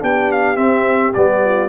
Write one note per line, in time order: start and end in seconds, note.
0.00 0.57 B3
0.00 0.56 D4
0.00 1.44 G4
0.00 0.32 G5
0.32 0.57 F5
0.56 1.12 C4
0.56 1.14 C4
0.56 1.13 E5
1.14 1.69 G3
1.14 1.69 B3
1.14 1.69 D5
1.45 1.69 F4